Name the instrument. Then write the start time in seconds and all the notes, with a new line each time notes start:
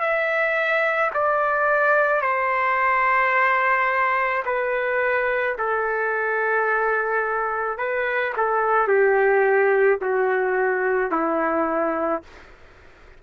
trumpet
0.00 E5
1.14 D5
2.21 C5
4.45 B4
5.58 A4
7.78 B4
8.37 A4
8.87 G4
10.01 F#4
11.11 E4